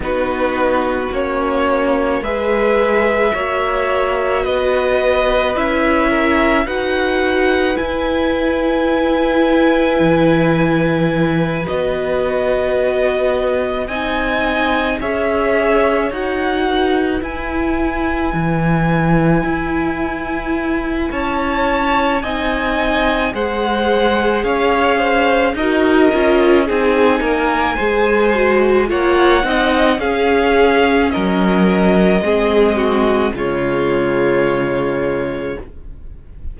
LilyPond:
<<
  \new Staff \with { instrumentName = "violin" } { \time 4/4 \tempo 4 = 54 b'4 cis''4 e''2 | dis''4 e''4 fis''4 gis''4~ | gis''2~ gis''8 dis''4.~ | dis''8 gis''4 e''4 fis''4 gis''8~ |
gis''2. a''4 | gis''4 fis''4 f''4 dis''4 | gis''2 fis''4 f''4 | dis''2 cis''2 | }
  \new Staff \with { instrumentName = "violin" } { \time 4/4 fis'2 b'4 cis''4 | b'4. ais'8 b'2~ | b'1~ | b'8 dis''4 cis''4. b'4~ |
b'2. cis''4 | dis''4 c''4 cis''8 c''8 ais'4 | gis'8 ais'8 c''4 cis''8 dis''8 gis'4 | ais'4 gis'8 fis'8 f'2 | }
  \new Staff \with { instrumentName = "viola" } { \time 4/4 dis'4 cis'4 gis'4 fis'4~ | fis'4 e'4 fis'4 e'4~ | e'2~ e'8 fis'4.~ | fis'8 dis'4 gis'4 fis'4 e'8~ |
e'1 | dis'4 gis'2 fis'8 f'8 | dis'4 gis'8 fis'8 f'8 dis'8 cis'4~ | cis'4 c'4 gis2 | }
  \new Staff \with { instrumentName = "cello" } { \time 4/4 b4 ais4 gis4 ais4 | b4 cis'4 dis'4 e'4~ | e'4 e4. b4.~ | b8 c'4 cis'4 dis'4 e'8~ |
e'8 e4 e'4. cis'4 | c'4 gis4 cis'4 dis'8 cis'8 | c'8 ais8 gis4 ais8 c'8 cis'4 | fis4 gis4 cis2 | }
>>